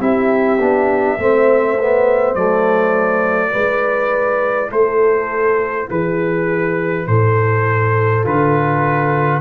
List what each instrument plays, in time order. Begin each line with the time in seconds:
0.00 tuba C4, trombone E4, horn G4, trumpet E5
0.59 tuba B3, trombone D4
1.18 tuba A3, trombone C4, horn C5
1.79 trombone B3
2.35 tuba F#3, trombone A3, trumpet D5
3.51 tuba G#3, trombone E4, horn B4
4.70 tuba A3, horn A4, trumpet C5
5.90 tuba E3, horn G#4, trumpet B4
7.07 tuba A2, horn A4, trumpet C5
8.24 tuba D3, trombone F4, trumpet B4